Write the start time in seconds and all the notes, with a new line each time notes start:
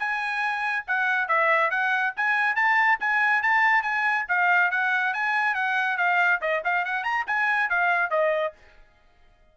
0.00 G#5
0.88 F#5
1.29 E5
1.71 F#5
2.17 G#5
2.56 A5
3.01 G#5
3.43 A5
3.83 G#5
4.29 F5
4.71 F#5
5.14 G#5
5.55 F#5
5.98 F5
6.42 D#5
6.65 F5
6.85 F#5
7.04 A#5
7.27 G#5
7.70 F5
8.11 D#5